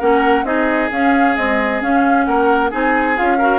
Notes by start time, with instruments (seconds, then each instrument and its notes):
0.00 bassoon A#3, clarinet C#4, oboe A#4, flute F#5
0.44 bassoon C4, clarinet D#4, oboe G#4, flute D#5
0.92 bassoon C#4, clarinet C#4, flute F5
1.37 clarinet G#3, bassoon C4, flute D#5
1.81 clarinet C#4, bassoon C#4, flute F5
2.25 bassoon A#3, oboe A#4, flute F#5
2.71 bassoon C4, clarinet D#4, oboe G#4, flute G#5
3.17 bassoon C#4, clarinet F4, flute F5
3.38 clarinet F#4, oboe A#4